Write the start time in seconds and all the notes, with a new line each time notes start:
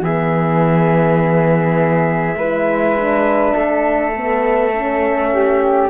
0.00 E3 B3 G#4 E5
2.35 G#3 E4 B4
2.96 D4
3.54 A3 A4
4.16 B3
4.73 C#4
5.33 G4